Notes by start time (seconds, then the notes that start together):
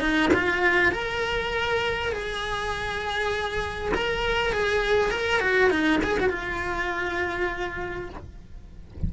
0.00 D#4
0.34 F4
0.92 A#4
2.12 G#4
3.94 A#4
4.53 G#4
5.11 A#4
5.41 F#4
5.70 D#4
6.04 G#4
6.20 F#4
6.30 F4